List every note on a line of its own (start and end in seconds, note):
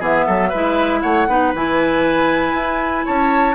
0.00 0.27 E3
0.00 0.52 B3
0.00 0.25 G#4
0.00 1.01 E5
0.27 0.53 F#3
0.27 0.49 A4
0.49 1.04 G#3
0.49 1.29 E4
0.49 1.00 B4
1.01 1.28 A3
1.01 1.28 C#5
1.01 1.52 F#5
1.28 1.54 B3
1.28 1.54 D#4
1.28 3.06 B4
1.55 2.54 E3
1.55 3.56 E4
1.55 3.07 G#5
2.54 3.04 E4
3.06 3.56 C#4
3.06 3.56 C#5
3.06 3.56 A5